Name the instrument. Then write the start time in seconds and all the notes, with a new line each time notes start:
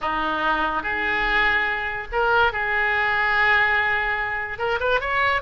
oboe
0.01 D#4
0.82 G#4
2.12 A#4
2.52 G#4
4.58 A#4
4.79 B4
5.00 C#5